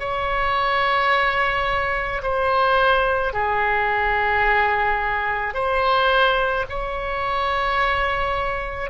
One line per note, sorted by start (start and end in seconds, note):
0.00 2.22 C#5
2.23 3.33 C5
3.33 5.55 G#4
5.55 6.66 C5
6.70 8.90 C#5